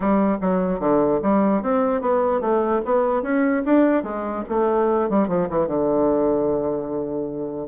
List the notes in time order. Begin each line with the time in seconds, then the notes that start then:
0.00 G3
0.41 F#3
0.79 D3
1.22 G3
1.62 C4
2.01 B3
2.40 A3
2.85 B3
3.22 C#4
3.65 D4
4.03 G#3
4.49 A3
5.09 G3
5.28 F3
5.49 E3
5.67 D3